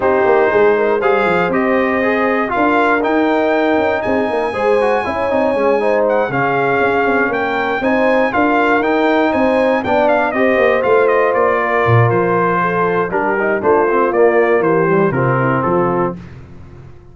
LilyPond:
<<
  \new Staff \with { instrumentName = "trumpet" } { \time 4/4 \tempo 4 = 119 c''2 f''4 dis''4~ | dis''4 f''4 g''2 | gis''1 | fis''8 f''2 g''4 gis''8~ |
gis''8 f''4 g''4 gis''4 g''8 | f''8 dis''4 f''8 dis''8 d''4. | c''2 ais'4 c''4 | d''4 c''4 ais'4 a'4 | }
  \new Staff \with { instrumentName = "horn" } { \time 4/4 g'4 gis'8 ais'8 c''2~ | c''4 ais'2. | gis'8 ais'8 c''4 cis''4. c''8~ | c''8 gis'2 ais'4 c''8~ |
c''8 ais'2 c''4 d''8~ | d''8 c''2~ c''8 ais'4~ | ais'4 a'4 g'4 f'4~ | f'4 g'4 f'8 e'8 f'4 | }
  \new Staff \with { instrumentName = "trombone" } { \time 4/4 dis'2 gis'4 g'4 | gis'4 f'4 dis'2~ | dis'4 gis'8 fis'8 e'8 dis'8 cis'8 dis'8~ | dis'8 cis'2. dis'8~ |
dis'8 f'4 dis'2 d'8~ | d'8 g'4 f'2~ f'8~ | f'2 d'8 dis'8 d'8 c'8 | ais4. g8 c'2 | }
  \new Staff \with { instrumentName = "tuba" } { \time 4/4 c'8 ais8 gis4 g8 f8 c'4~ | c'4 d'4 dis'4. cis'8 | c'8 ais8 gis4 cis'8 c'8 gis4~ | gis8 cis4 cis'8 c'8 ais4 c'8~ |
c'8 d'4 dis'4 c'4 b8~ | b8 c'8 ais8 a4 ais4 ais,8 | f2 g4 a4 | ais4 e4 c4 f4 | }
>>